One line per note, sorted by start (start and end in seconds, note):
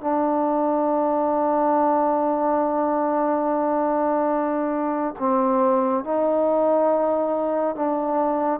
0.00 5.14 D4
5.19 6.04 C4
6.04 7.75 D#4
7.75 8.60 D4